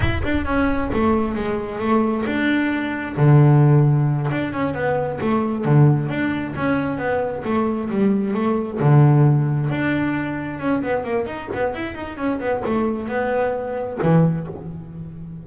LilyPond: \new Staff \with { instrumentName = "double bass" } { \time 4/4 \tempo 4 = 133 e'8 d'8 cis'4 a4 gis4 | a4 d'2 d4~ | d4. d'8 cis'8 b4 a8~ | a8 d4 d'4 cis'4 b8~ |
b8 a4 g4 a4 d8~ | d4. d'2 cis'8 | b8 ais8 dis'8 b8 e'8 dis'8 cis'8 b8 | a4 b2 e4 | }